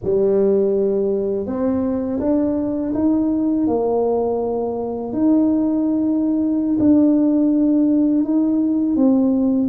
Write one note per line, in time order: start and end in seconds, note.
0.03 1.46 G3
1.46 2.20 C4
2.20 2.93 D4
2.93 3.67 D#4
3.67 5.13 A#3
5.13 6.77 D#4
6.79 8.24 D4
8.24 8.95 D#4
8.95 9.69 C4